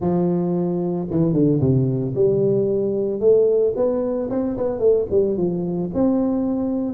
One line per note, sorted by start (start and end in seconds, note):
0.00 1.07 F3
1.10 1.33 E3
1.33 1.59 D3
1.60 2.14 C3
2.15 3.20 G3
3.20 3.73 A3
3.76 4.29 B3
4.30 4.57 C4
4.57 4.79 B3
4.79 5.06 A3
5.10 5.37 G3
5.37 5.90 F3
5.94 6.94 C4